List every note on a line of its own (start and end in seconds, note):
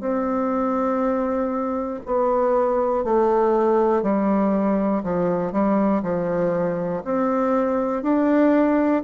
0.00 2.00 C4
2.05 3.04 B3
3.04 4.02 A3
4.02 5.02 G3
5.03 5.52 F3
5.52 6.02 G3
6.03 7.03 F3
7.04 8.03 C4
8.03 9.03 D4